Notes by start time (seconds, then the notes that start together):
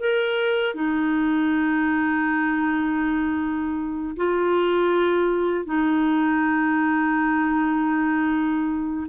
0.00 A#4
0.75 D#4
4.17 F4
5.65 D#4